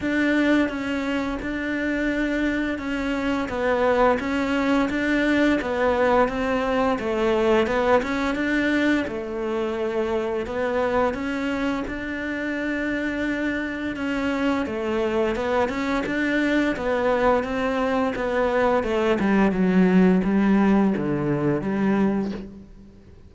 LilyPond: \new Staff \with { instrumentName = "cello" } { \time 4/4 \tempo 4 = 86 d'4 cis'4 d'2 | cis'4 b4 cis'4 d'4 | b4 c'4 a4 b8 cis'8 | d'4 a2 b4 |
cis'4 d'2. | cis'4 a4 b8 cis'8 d'4 | b4 c'4 b4 a8 g8 | fis4 g4 d4 g4 | }